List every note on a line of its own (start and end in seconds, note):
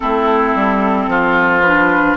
0.00 0.55 A3
0.00 1.63 C4
0.00 1.10 E4
0.00 1.61 A4
0.55 1.07 G3
1.07 2.16 F3
1.07 2.17 F4
1.61 2.17 D4
1.61 2.15 B4